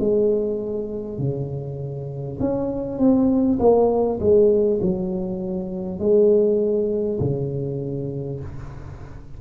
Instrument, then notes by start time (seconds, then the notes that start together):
tuba
0.00 G#3
1.19 C#3
2.41 C#4
2.99 C4
3.60 A#3
4.21 G#3
4.82 F#3
6.00 G#3
7.21 C#3